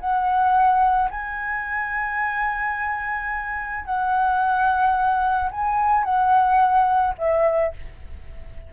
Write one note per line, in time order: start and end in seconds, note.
0.00 1.10 F#5
1.11 3.85 G#5
3.85 5.50 F#5
5.51 6.05 G#5
6.05 7.15 F#5
7.18 7.73 E5